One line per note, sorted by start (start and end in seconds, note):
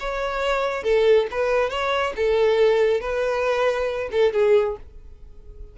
0.00 0.84 C#5
0.84 1.27 A4
1.31 1.70 B4
1.70 2.13 C#5
2.17 3.01 A4
3.01 4.10 B4
4.12 4.33 A4
4.33 4.77 G#4